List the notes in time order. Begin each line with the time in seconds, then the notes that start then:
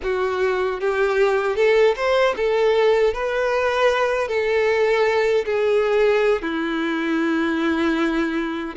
0.02 F#4
0.80 G4
1.55 A4
1.96 C5
2.36 A4
3.13 B4
4.28 A4
5.45 G#4
6.41 E4